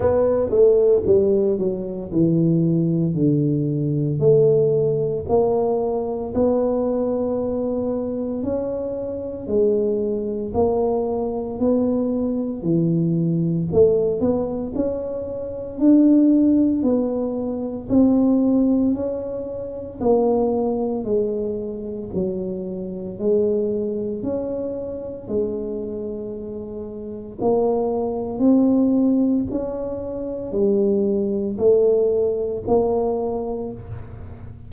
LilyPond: \new Staff \with { instrumentName = "tuba" } { \time 4/4 \tempo 4 = 57 b8 a8 g8 fis8 e4 d4 | a4 ais4 b2 | cis'4 gis4 ais4 b4 | e4 a8 b8 cis'4 d'4 |
b4 c'4 cis'4 ais4 | gis4 fis4 gis4 cis'4 | gis2 ais4 c'4 | cis'4 g4 a4 ais4 | }